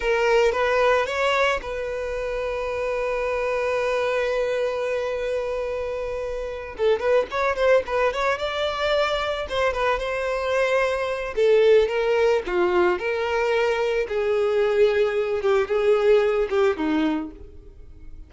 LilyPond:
\new Staff \with { instrumentName = "violin" } { \time 4/4 \tempo 4 = 111 ais'4 b'4 cis''4 b'4~ | b'1~ | b'1~ | b'8 a'8 b'8 cis''8 c''8 b'8 cis''8 d''8~ |
d''4. c''8 b'8 c''4.~ | c''4 a'4 ais'4 f'4 | ais'2 gis'2~ | gis'8 g'8 gis'4. g'8 dis'4 | }